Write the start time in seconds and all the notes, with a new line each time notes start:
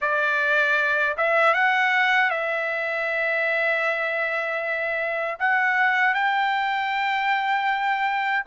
0.01 D5
1.17 E5
1.54 F#5
2.30 E5
5.38 F#5
6.14 G5